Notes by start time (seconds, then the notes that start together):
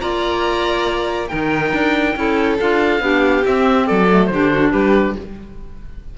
0.00 A#3 F4 D5 A#5
1.28 D#3 D#4 A#4 G5
1.73 D4
2.15 C#4 E4 A4
2.60 D4 F4 F5
3.00 B3 D4 G4
3.45 C4 E5
3.87 F#3 A4 D5
4.10 A3
4.26 D3 D4 C5
4.33 G4
4.53 F#4
4.72 G3 G4 B4